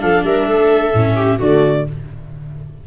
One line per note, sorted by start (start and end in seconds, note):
0.00 0.24 F3
0.00 0.92 D4
0.00 0.25 A4
0.00 0.24 F5
0.24 0.47 G3
0.24 0.49 A#4
0.24 1.39 E5
0.47 0.93 A3
0.47 1.16 A4
0.94 1.40 A2
0.94 1.40 C#4
1.16 1.38 G4
1.38 1.86 D3
1.38 1.85 A3
1.38 1.84 F#4
1.38 1.87 D5